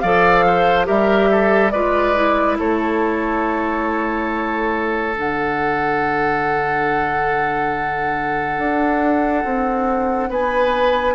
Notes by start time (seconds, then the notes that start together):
0.00 F3 A4 D5 F5
0.47 C5
0.85 G3 G4 A#4 E5
1.31 A4
1.71 G#3 F4 B4 D5
2.15 E4
2.59 A3 A4 C#5
5.15 D3 D4 F#5
8.58 D4
9.44 C4
10.30 B3 B4 G#5